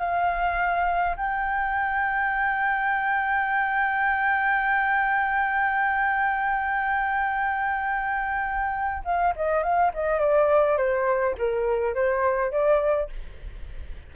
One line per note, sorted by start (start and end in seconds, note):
0.00 1.17 F5
1.17 9.03 G5
9.05 9.34 F5
9.36 9.63 D#5
9.63 9.92 F5
9.94 10.20 D#5
10.20 10.78 D5
10.78 11.36 C5
11.38 11.95 A#4
11.95 12.52 C5
12.52 13.10 D5